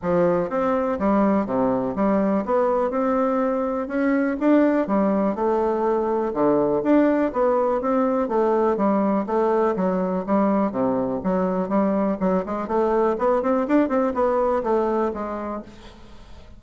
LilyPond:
\new Staff \with { instrumentName = "bassoon" } { \time 4/4 \tempo 4 = 123 f4 c'4 g4 c4 | g4 b4 c'2 | cis'4 d'4 g4 a4~ | a4 d4 d'4 b4 |
c'4 a4 g4 a4 | fis4 g4 c4 fis4 | g4 fis8 gis8 a4 b8 c'8 | d'8 c'8 b4 a4 gis4 | }